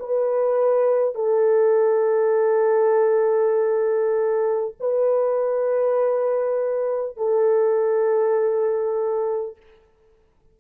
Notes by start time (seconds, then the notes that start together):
0.00 B4
1.15 A4
4.81 B4
7.17 A4